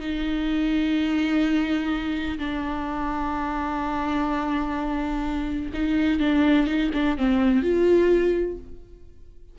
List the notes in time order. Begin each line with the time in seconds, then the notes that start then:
0.00 D#4
2.39 D4
5.74 D#4
6.19 D4
6.67 D#4
6.94 D4
7.18 C4
7.62 F4